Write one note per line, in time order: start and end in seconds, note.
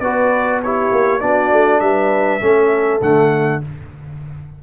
0.00 0.91 B3
0.00 0.63 F#4
0.00 0.61 B4
0.00 0.60 D5
0.62 1.21 E4
0.62 1.22 G4
0.62 1.20 C#5
0.92 1.22 A#3
1.20 1.52 B3
1.20 2.40 D4
1.20 1.82 F#4
1.20 1.80 D5
1.52 1.80 A3
1.80 2.40 G3
1.80 2.43 B4
1.80 3.00 E5
2.40 3.01 A3
2.40 3.00 C#4
2.40 3.63 A4
3.01 3.61 D3
3.01 3.62 A3
3.01 3.62 F#5